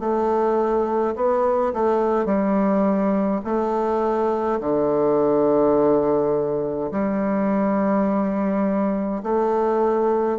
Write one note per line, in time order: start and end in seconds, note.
0.00 1.15 A3
1.15 1.73 B3
1.74 2.26 A3
2.26 3.41 G3
3.45 4.60 A3
4.60 6.91 D3
6.92 9.23 G3
9.23 10.38 A3